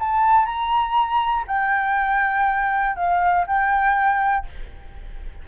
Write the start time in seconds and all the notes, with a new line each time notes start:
0.00 A5
0.46 A#5
1.48 G5
2.97 F5
3.47 G5